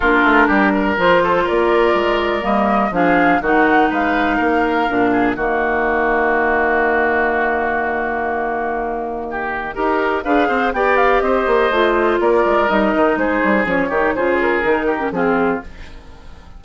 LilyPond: <<
  \new Staff \with { instrumentName = "flute" } { \time 4/4 \tempo 4 = 123 ais'2 c''4 d''4~ | d''4 dis''4 f''4 fis''4 | f''2. dis''4~ | dis''1~ |
dis''1~ | dis''4 f''4 g''8 f''8 dis''4~ | dis''4 d''4 dis''4 c''4 | cis''4 c''8 ais'4. gis'4 | }
  \new Staff \with { instrumentName = "oboe" } { \time 4/4 f'4 g'8 ais'4 a'8 ais'4~ | ais'2 gis'4 fis'4 | b'4 ais'4. gis'8 fis'4~ | fis'1~ |
fis'2. g'4 | ais'4 b'8 c''8 d''4 c''4~ | c''4 ais'2 gis'4~ | gis'8 g'8 gis'4. g'8 f'4 | }
  \new Staff \with { instrumentName = "clarinet" } { \time 4/4 d'2 f'2~ | f'4 ais4 d'4 dis'4~ | dis'2 d'4 ais4~ | ais1~ |
ais1 | g'4 gis'4 g'2 | f'2 dis'2 | cis'8 dis'8 f'4 dis'8. cis'16 c'4 | }
  \new Staff \with { instrumentName = "bassoon" } { \time 4/4 ais8 a8 g4 f4 ais4 | gis4 g4 f4 dis4 | gis4 ais4 ais,4 dis4~ | dis1~ |
dis1 | dis'4 d'8 c'8 b4 c'8 ais8 | a4 ais8 gis8 g8 dis8 gis8 g8 | f8 dis8 cis4 dis4 f4 | }
>>